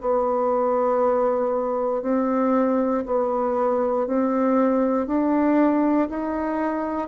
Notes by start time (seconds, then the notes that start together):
0.00 B3
2.02 C4
3.06 B3
4.06 C4
5.07 D4
6.09 D#4